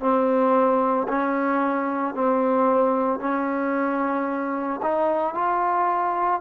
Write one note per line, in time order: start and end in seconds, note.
0.00 1.07 C4
1.09 2.14 C#4
2.14 3.20 C4
3.20 4.81 C#4
4.83 5.35 D#4
5.35 6.41 F4